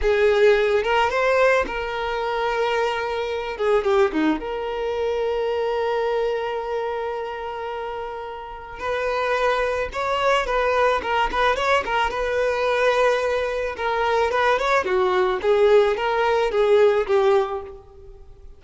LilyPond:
\new Staff \with { instrumentName = "violin" } { \time 4/4 \tempo 4 = 109 gis'4. ais'8 c''4 ais'4~ | ais'2~ ais'8 gis'8 g'8 dis'8 | ais'1~ | ais'1 |
b'2 cis''4 b'4 | ais'8 b'8 cis''8 ais'8 b'2~ | b'4 ais'4 b'8 cis''8 fis'4 | gis'4 ais'4 gis'4 g'4 | }